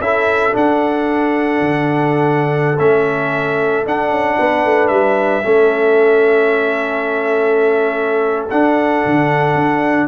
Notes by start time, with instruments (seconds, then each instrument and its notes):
0.00 tuba C#4, trombone E4, horn A4, trumpet E5
0.52 trombone D4, tuba D4, trumpet F#5
1.61 tuba D3
2.79 tuba A3, trombone C#4, trumpet E5
3.86 tuba D4, trombone D4, trumpet F#5
4.11 tuba C#4
4.39 tuba B3, horn B4
4.65 tuba A3
4.88 tuba G3, trumpet E5
5.44 tuba A3, trombone C#4, horn A4
8.51 tuba D4, trombone D4, trumpet F#5
9.06 tuba D3
9.55 tuba D4